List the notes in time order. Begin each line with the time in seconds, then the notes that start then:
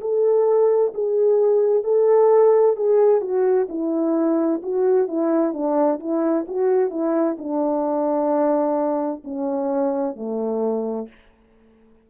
0.00 A4
0.94 G#4
1.84 A4
2.76 G#4
3.21 F#4
3.68 E4
4.62 F#4
5.07 E4
5.53 D4
5.99 E4
6.47 F#4
6.90 E4
7.38 D4
9.24 C#4
10.15 A3